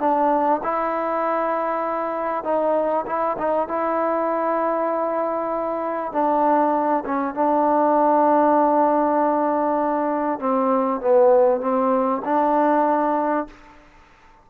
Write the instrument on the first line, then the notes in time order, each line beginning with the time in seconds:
trombone
0.00 D4
0.64 E4
2.44 D#4
3.07 E4
3.39 D#4
3.68 E4
6.13 D4
7.06 C#4
7.35 D4
10.40 C4
11.01 B3
11.61 C4
12.25 D4